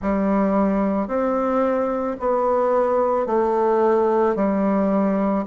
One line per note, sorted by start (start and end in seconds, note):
0.01 1.07 G3
1.07 2.16 C4
2.19 3.26 B3
3.26 4.35 A3
4.35 5.44 G3